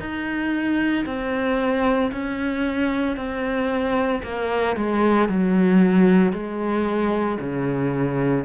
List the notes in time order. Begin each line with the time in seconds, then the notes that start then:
0.00 D#4
1.06 C4
2.12 C#4
3.17 C4
4.24 A#3
4.77 G#3
5.29 F#3
6.33 G#3
7.40 C#3